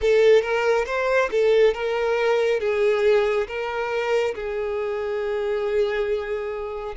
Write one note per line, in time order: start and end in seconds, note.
0.01 0.42 A4
0.42 0.85 A#4
0.86 1.29 C5
1.31 1.74 A4
1.74 2.60 A#4
2.60 3.47 G#4
3.47 4.34 A#4
4.34 6.95 G#4